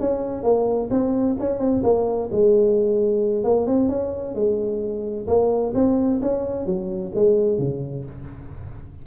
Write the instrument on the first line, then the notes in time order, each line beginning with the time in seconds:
tuba
0.00 C#4
0.43 A#3
0.90 C4
1.40 C#4
1.59 C4
1.83 A#3
2.32 G#3
3.44 A#3
3.67 C4
3.89 C#4
4.35 G#3
5.27 A#3
5.74 C4
6.22 C#4
6.66 F#3
7.15 G#3
7.59 C#3